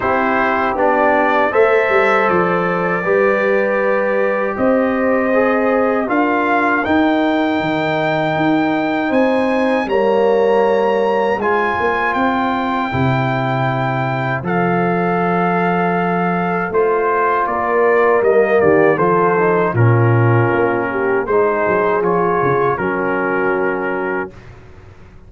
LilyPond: <<
  \new Staff \with { instrumentName = "trumpet" } { \time 4/4 \tempo 4 = 79 c''4 d''4 e''4 d''4~ | d''2 dis''2 | f''4 g''2. | gis''4 ais''2 gis''4 |
g''2. f''4~ | f''2 c''4 d''4 | dis''8 d''8 c''4 ais'2 | c''4 cis''4 ais'2 | }
  \new Staff \with { instrumentName = "horn" } { \time 4/4 g'2 c''2 | b'2 c''2 | ais'1 | c''4 cis''2 c''4~ |
c''1~ | c''2. ais'4~ | ais'8 g'8 a'4 f'4. g'8 | gis'2 fis'2 | }
  \new Staff \with { instrumentName = "trombone" } { \time 4/4 e'4 d'4 a'2 | g'2. gis'4 | f'4 dis'2.~ | dis'4 ais2 f'4~ |
f'4 e'2 a'4~ | a'2 f'2 | ais4 f'8 dis'8 cis'2 | dis'4 f'4 cis'2 | }
  \new Staff \with { instrumentName = "tuba" } { \time 4/4 c'4 b4 a8 g8 f4 | g2 c'2 | d'4 dis'4 dis4 dis'4 | c'4 g2 gis8 ais8 |
c'4 c2 f4~ | f2 a4 ais4 | g8 dis8 f4 ais,4 ais4 | gis8 fis8 f8 cis8 fis2 | }
>>